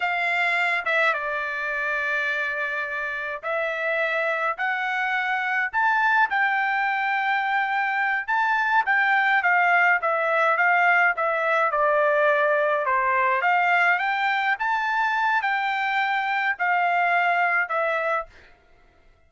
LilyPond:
\new Staff \with { instrumentName = "trumpet" } { \time 4/4 \tempo 4 = 105 f''4. e''8 d''2~ | d''2 e''2 | fis''2 a''4 g''4~ | g''2~ g''8 a''4 g''8~ |
g''8 f''4 e''4 f''4 e''8~ | e''8 d''2 c''4 f''8~ | f''8 g''4 a''4. g''4~ | g''4 f''2 e''4 | }